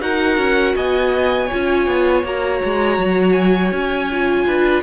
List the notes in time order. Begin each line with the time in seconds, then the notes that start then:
0.00 D#4 F#4 A#4 F#5
0.37 C#4
0.75 B3 D#5 G#5
1.46 F4 C#5
1.54 C#4
1.86 B3
2.23 A#3 F#4 A#5
2.64 G#3
2.98 F#3
3.32 G#5
3.72 C#4
4.11 F4
4.46 D4 B4